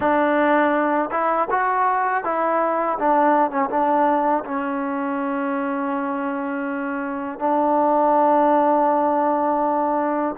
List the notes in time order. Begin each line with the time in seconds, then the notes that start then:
0.00 D4
1.11 E4
1.50 F#4
2.24 E4
2.98 D4
3.51 C#4
3.70 D4
4.44 C#4
7.39 D4